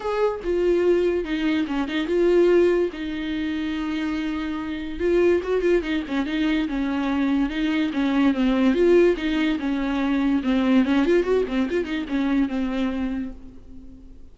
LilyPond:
\new Staff \with { instrumentName = "viola" } { \time 4/4 \tempo 4 = 144 gis'4 f'2 dis'4 | cis'8 dis'8 f'2 dis'4~ | dis'1 | f'4 fis'8 f'8 dis'8 cis'8 dis'4 |
cis'2 dis'4 cis'4 | c'4 f'4 dis'4 cis'4~ | cis'4 c'4 cis'8 f'8 fis'8 c'8 | f'8 dis'8 cis'4 c'2 | }